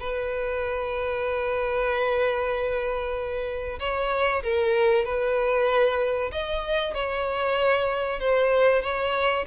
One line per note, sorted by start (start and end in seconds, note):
0.00 3.79 B4
3.80 4.43 C#5
4.43 5.05 A#4
5.05 6.31 B4
6.32 6.94 D#5
6.94 8.20 C#5
8.20 8.82 C5
8.82 9.45 C#5